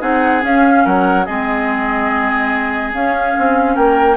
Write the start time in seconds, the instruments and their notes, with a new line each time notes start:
0.00 bassoon C4, clarinet D#4, oboe G#4, flute F#5
0.41 clarinet C#4, bassoon C#4, flute F5
0.85 bassoon F#3, oboe A#4, flute F#5
1.25 bassoon G#3, clarinet C4, oboe G#4, flute D#5
2.94 bassoon C#4, clarinet C#4, flute F5
3.38 bassoon C4
3.74 bassoon A#3, oboe A#4, flute G5